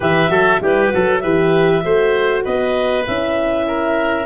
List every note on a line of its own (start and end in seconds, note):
0.00 0.29 E3
0.00 0.29 G4
0.00 0.30 B4
0.00 0.63 E5
0.29 0.60 F#3
0.29 0.59 F#4
0.29 0.60 A4
0.60 0.92 G3
0.60 0.88 E4
0.60 0.92 G4
0.60 1.19 B4
0.88 1.18 F#4
0.88 1.22 A4
0.94 1.24 F#3
1.19 1.84 E3
1.19 1.83 G4
1.19 1.83 B4
1.19 2.41 E5
1.83 2.45 A3
1.83 3.05 F#4
1.83 2.44 C5
2.44 3.07 B3
2.44 3.66 B4
2.44 3.06 D#5
3.06 4.26 C#4
3.06 4.26 E4
3.06 4.26 E5
3.67 4.26 A#4